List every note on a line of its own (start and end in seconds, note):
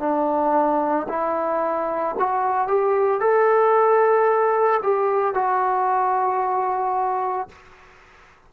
0.00 1.07 D4
1.09 2.16 E4
2.20 2.68 F#4
2.68 3.20 G4
3.20 4.81 A4
4.83 5.35 G4
5.35 7.49 F#4